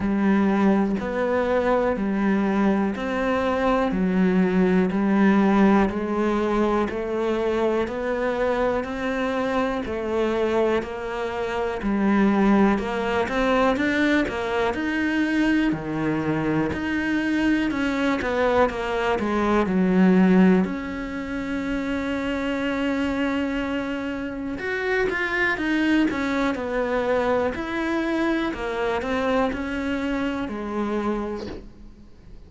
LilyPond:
\new Staff \with { instrumentName = "cello" } { \time 4/4 \tempo 4 = 61 g4 b4 g4 c'4 | fis4 g4 gis4 a4 | b4 c'4 a4 ais4 | g4 ais8 c'8 d'8 ais8 dis'4 |
dis4 dis'4 cis'8 b8 ais8 gis8 | fis4 cis'2.~ | cis'4 fis'8 f'8 dis'8 cis'8 b4 | e'4 ais8 c'8 cis'4 gis4 | }